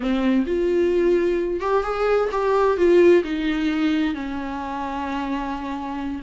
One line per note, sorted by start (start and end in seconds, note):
0.00 0.44 C4
0.46 1.60 F4
1.60 1.83 G4
1.83 2.29 G#4
2.31 2.77 G4
2.77 3.23 F4
3.23 4.14 D#4
4.14 6.22 C#4